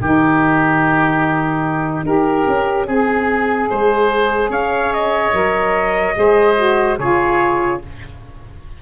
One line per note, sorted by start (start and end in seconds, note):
0.00 2.03 D#3
0.00 2.05 D#4
0.00 2.06 G4
0.00 4.52 D#5
2.03 2.45 D#4
2.03 2.87 G4
2.03 2.87 A#4
2.47 2.87 C#4
2.87 3.70 C4
2.87 3.69 G#4
2.87 5.33 G#4
3.70 4.50 G#3
3.70 4.51 C5
4.50 5.32 C#4
4.50 6.15 C#5
4.50 4.93 F5
4.93 6.99 D#5
5.33 6.16 F#3
5.33 6.14 A#4
6.14 6.99 G#3
6.14 6.55 G#4
6.14 6.99 C5
6.57 6.98 F#4
6.99 7.81 C#3
6.99 7.82 F4
6.99 7.82 G#4
6.99 7.81 C#5